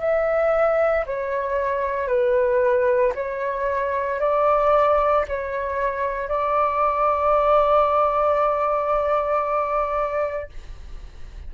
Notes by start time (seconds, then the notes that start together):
0.00 E5
1.06 C#5
2.08 B4
3.15 C#5
4.21 D5
5.28 C#5
6.29 D5